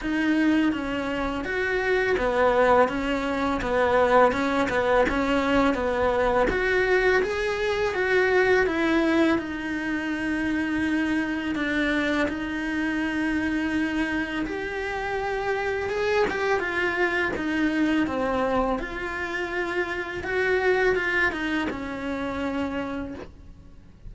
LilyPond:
\new Staff \with { instrumentName = "cello" } { \time 4/4 \tempo 4 = 83 dis'4 cis'4 fis'4 b4 | cis'4 b4 cis'8 b8 cis'4 | b4 fis'4 gis'4 fis'4 | e'4 dis'2. |
d'4 dis'2. | g'2 gis'8 g'8 f'4 | dis'4 c'4 f'2 | fis'4 f'8 dis'8 cis'2 | }